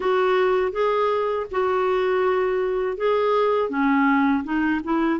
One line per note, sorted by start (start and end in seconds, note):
0.00 0.72 F#4
0.72 1.46 G#4
1.51 2.97 F#4
2.97 3.69 G#4
3.69 4.43 C#4
4.43 4.80 D#4
4.84 5.20 E4